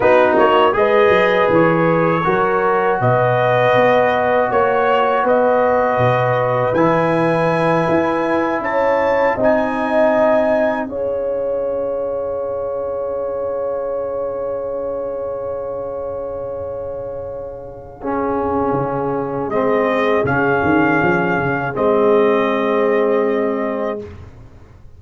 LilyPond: <<
  \new Staff \with { instrumentName = "trumpet" } { \time 4/4 \tempo 4 = 80 b'8 cis''8 dis''4 cis''2 | dis''2 cis''4 dis''4~ | dis''4 gis''2~ gis''8 a''8~ | a''8 gis''2 f''4.~ |
f''1~ | f''1~ | f''2 dis''4 f''4~ | f''4 dis''2. | }
  \new Staff \with { instrumentName = "horn" } { \time 4/4 fis'4 b'2 ais'4 | b'2 cis''4 b'4~ | b'2.~ b'8 cis''8~ | cis''8 dis''2 cis''4.~ |
cis''1~ | cis''1 | gis'1~ | gis'1 | }
  \new Staff \with { instrumentName = "trombone" } { \time 4/4 dis'4 gis'2 fis'4~ | fis'1~ | fis'4 e'2.~ | e'8 dis'2 gis'4.~ |
gis'1~ | gis'1 | cis'2 c'4 cis'4~ | cis'4 c'2. | }
  \new Staff \with { instrumentName = "tuba" } { \time 4/4 b8 ais8 gis8 fis8 e4 fis4 | b,4 b4 ais4 b4 | b,4 e4. e'4 cis'8~ | cis'8 c'2 cis'4.~ |
cis'1~ | cis'1~ | cis'4 cis4 gis4 cis8 dis8 | f8 cis8 gis2. | }
>>